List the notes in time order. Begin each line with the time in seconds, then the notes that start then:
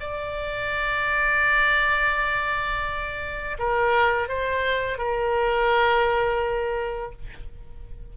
0.00 D5
3.59 A#4
4.29 C5
4.98 A#4